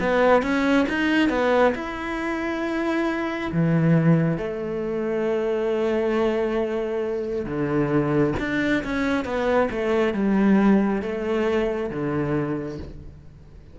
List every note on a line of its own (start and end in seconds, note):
0.00 0.43 B3
0.43 0.87 C#4
0.89 1.30 D#4
1.30 1.74 B3
1.75 3.51 E4
3.52 4.38 E3
4.38 7.46 A3
7.46 8.34 D3
8.39 8.84 D4
8.84 9.25 C#4
9.25 9.69 B3
9.71 10.14 A3
10.14 11.02 G3
11.03 11.90 A3
11.90 12.79 D3